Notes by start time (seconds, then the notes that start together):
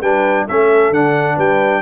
0.00 G3 D4 B4 G5
0.47 A3 C#4 A4 E5
0.90 D3 D4 F#5
1.35 G3 B4 G5